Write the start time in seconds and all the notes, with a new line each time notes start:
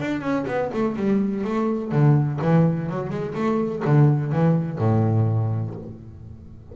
0.00 D4
0.21 C#4
0.47 B3
0.73 A3
0.96 G3
1.44 A3
1.92 D3
2.42 E3
2.89 F#3
3.10 G#3
3.35 A3
3.85 D3
4.32 E3
4.78 A2